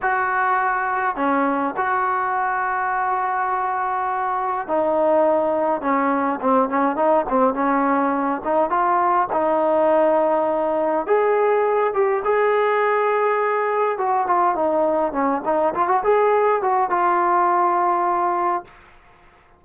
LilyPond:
\new Staff \with { instrumentName = "trombone" } { \time 4/4 \tempo 4 = 103 fis'2 cis'4 fis'4~ | fis'1 | dis'2 cis'4 c'8 cis'8 | dis'8 c'8 cis'4. dis'8 f'4 |
dis'2. gis'4~ | gis'8 g'8 gis'2. | fis'8 f'8 dis'4 cis'8 dis'8 f'16 fis'16 gis'8~ | gis'8 fis'8 f'2. | }